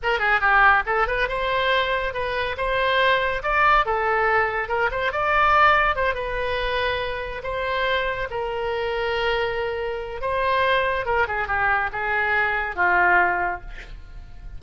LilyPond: \new Staff \with { instrumentName = "oboe" } { \time 4/4 \tempo 4 = 141 ais'8 gis'8 g'4 a'8 b'8 c''4~ | c''4 b'4 c''2 | d''4 a'2 ais'8 c''8 | d''2 c''8 b'4.~ |
b'4. c''2 ais'8~ | ais'1 | c''2 ais'8 gis'8 g'4 | gis'2 f'2 | }